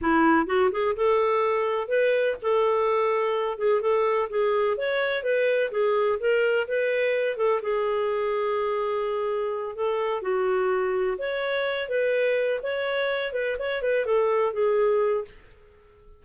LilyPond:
\new Staff \with { instrumentName = "clarinet" } { \time 4/4 \tempo 4 = 126 e'4 fis'8 gis'8 a'2 | b'4 a'2~ a'8 gis'8 | a'4 gis'4 cis''4 b'4 | gis'4 ais'4 b'4. a'8 |
gis'1~ | gis'8 a'4 fis'2 cis''8~ | cis''4 b'4. cis''4. | b'8 cis''8 b'8 a'4 gis'4. | }